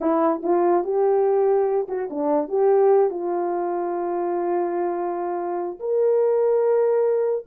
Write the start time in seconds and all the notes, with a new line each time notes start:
0.00 E4
0.42 F4
0.84 G4
1.88 F#4
2.10 D4
2.48 G4
3.10 F4
5.79 A#4